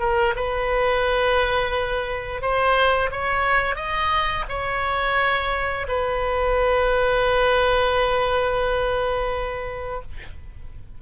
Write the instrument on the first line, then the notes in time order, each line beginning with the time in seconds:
oboe
0.00 A#4
0.36 B4
2.42 C5
3.12 C#5
3.76 D#5
4.49 C#5
5.88 B4